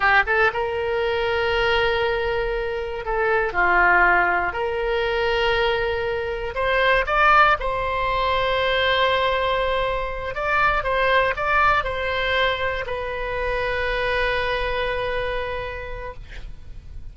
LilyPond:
\new Staff \with { instrumentName = "oboe" } { \time 4/4 \tempo 4 = 119 g'8 a'8 ais'2.~ | ais'2 a'4 f'4~ | f'4 ais'2.~ | ais'4 c''4 d''4 c''4~ |
c''1~ | c''8 d''4 c''4 d''4 c''8~ | c''4. b'2~ b'8~ | b'1 | }